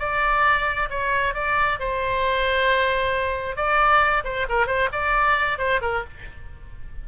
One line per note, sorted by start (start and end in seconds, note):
0.00 0.90 D5
0.90 1.35 C#5
1.35 1.80 D5
1.80 3.57 C5
3.57 4.24 D5
4.25 4.47 C5
4.49 4.67 A#4
4.67 4.89 C5
4.93 5.59 D5
5.59 5.81 C5
5.82 6.04 A#4